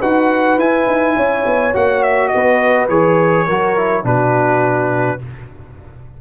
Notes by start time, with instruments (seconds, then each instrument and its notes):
0.00 tuba D#4, trombone F#4, horn B4, trumpet F#5
0.58 tuba E4, trombone E4, trumpet G#5
0.88 tuba D#4
1.17 tuba C#4, horn C#5
1.46 tuba B3
1.74 tuba A#3, trombone F#4, trumpet F#5
2.03 trumpet E5
2.28 trumpet D#5
2.34 tuba B3, horn B4
2.89 tuba E3, trombone G#4, trumpet C#5
3.47 tuba F#3, trombone F#4, horn A#4
3.77 trombone E4
4.04 tuba B2, trombone D4, horn F#4, trumpet B4